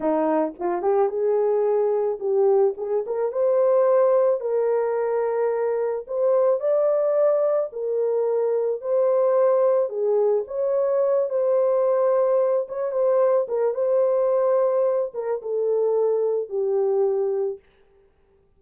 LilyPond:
\new Staff \with { instrumentName = "horn" } { \time 4/4 \tempo 4 = 109 dis'4 f'8 g'8 gis'2 | g'4 gis'8 ais'8 c''2 | ais'2. c''4 | d''2 ais'2 |
c''2 gis'4 cis''4~ | cis''8 c''2~ c''8 cis''8 c''8~ | c''8 ais'8 c''2~ c''8 ais'8 | a'2 g'2 | }